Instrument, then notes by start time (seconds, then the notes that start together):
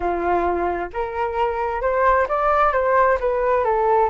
flute
0.00 F4
0.93 A#4
1.81 C5
2.28 D5
2.72 C5
3.20 B4
3.64 A4